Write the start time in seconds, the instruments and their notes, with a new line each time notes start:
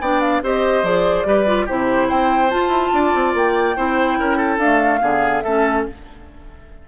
0.00 bassoon B3, clarinet D4, oboe D5, flute G5
0.20 flute F5
0.42 bassoon C4, clarinet G4, oboe C5, flute D#5
0.83 bassoon F3, clarinet G#4, flute D5
1.25 bassoon G3, clarinet G4, oboe B4
1.46 clarinet F4
1.66 bassoon C3, clarinet E4, oboe G4, flute C5
2.08 bassoon C4, oboe C5, flute G5
2.49 clarinet F4, bassoon F4, flute A5
2.68 bassoon E4
2.93 bassoon D4, oboe D5
3.14 bassoon C4
3.34 bassoon A#3, flute G5
3.76 bassoon C4, clarinet E4, oboe C5
4.18 bassoon C#4, oboe A#4
4.37 oboe A4
4.58 clarinet A3, bassoon D4, flute F5
5.01 bassoon D3, clarinet B3, oboe G#4
5.41 bassoon A3, clarinet C#4, oboe A4, flute E5